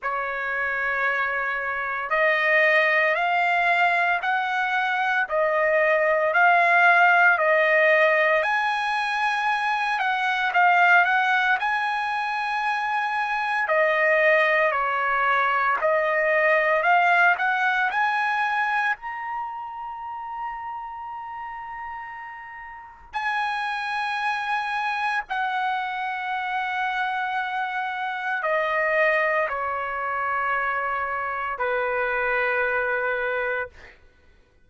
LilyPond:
\new Staff \with { instrumentName = "trumpet" } { \time 4/4 \tempo 4 = 57 cis''2 dis''4 f''4 | fis''4 dis''4 f''4 dis''4 | gis''4. fis''8 f''8 fis''8 gis''4~ | gis''4 dis''4 cis''4 dis''4 |
f''8 fis''8 gis''4 ais''2~ | ais''2 gis''2 | fis''2. dis''4 | cis''2 b'2 | }